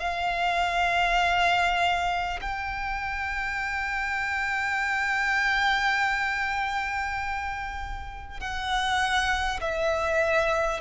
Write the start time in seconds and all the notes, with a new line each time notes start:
0.00 F5
2.42 G5
8.41 F#5
9.61 E5